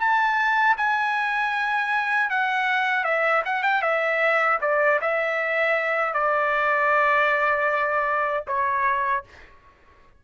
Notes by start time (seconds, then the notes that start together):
0.00 A5
0.78 G#5
2.30 F#5
3.05 E5
3.45 F#5
3.63 G5
3.83 E5
4.62 D5
5.01 E5
6.14 D5
8.48 C#5